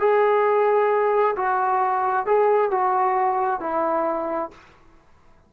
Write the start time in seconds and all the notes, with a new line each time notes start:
0.00 G#4
1.37 F#4
2.26 G#4
2.71 F#4
3.60 E4